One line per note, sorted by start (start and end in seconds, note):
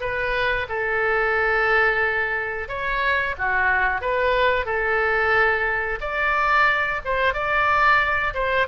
0.00 0.67 B4
0.69 2.68 A4
2.68 3.35 C#5
3.38 4.01 F#4
4.01 4.66 B4
4.66 5.99 A4
6.01 7.01 D5
7.05 7.34 C5
7.34 8.34 D5
8.34 8.67 C5